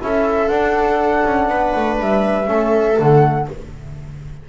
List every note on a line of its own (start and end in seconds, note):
0.00 0.49 C#4
0.00 0.50 E4
0.00 1.50 A4
0.00 0.48 E5
0.48 1.23 D4
0.48 2.46 D4
0.48 1.97 F#5
1.26 1.49 C#4
1.49 1.73 B3
1.49 2.49 B4
1.76 2.00 A3
2.00 2.48 G3
2.00 2.99 E5
2.46 2.98 A3
2.46 2.94 C#4
2.46 3.49 A4
2.94 3.49 D3
2.94 3.44 A3
2.94 3.49 F#5